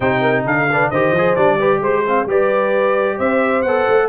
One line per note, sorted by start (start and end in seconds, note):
0.00 0.45 C3
0.00 0.69 D#4
0.00 0.21 C5
0.00 0.44 G5
0.21 0.44 A#4
0.45 0.90 D3
0.45 0.68 A4
0.45 0.90 F5
0.71 0.93 D4
0.71 0.90 B4
0.90 1.11 D#3
0.90 1.16 G4
0.90 1.58 C5
0.90 1.35 D#5
1.11 1.34 F3
1.17 1.36 G#4
1.35 1.80 G3
1.35 1.59 D4
1.35 1.80 D5
1.59 2.05 G4
1.59 1.81 B4
1.80 2.25 G#3
1.80 2.04 C5
1.80 2.28 C5
2.07 2.28 C4
2.07 2.28 F5
2.25 3.16 G3
2.25 3.64 G4
2.25 3.17 B4
2.25 3.19 D5
3.17 3.64 C4
3.17 4.07 C5
3.17 3.62 E5
3.62 3.86 B3
3.62 4.09 A4
3.62 4.07 F#5
3.88 4.09 A3